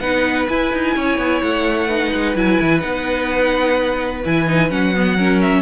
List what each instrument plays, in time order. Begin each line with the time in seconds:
0.00 cello B3, viola D#4, violin B4 F#5
0.49 viola E4, cello E4, violin G#5
0.73 cello D#4
0.96 cello C#4, violin C#5
1.18 cello B3
1.42 cello A3, violin F#5
1.88 viola D#4, violin B4
2.14 cello G#3
2.36 cello F#3, viola E4, violin G#5
2.61 cello E3
2.80 cello B3, viola D#4, violin F#5
4.25 cello E3, viola E4, violin G#5
4.47 viola D#4
4.70 cello F#3, viola C#4, violin F#5
4.96 viola B3
5.18 viola C#4, violin A#4
5.42 violin E5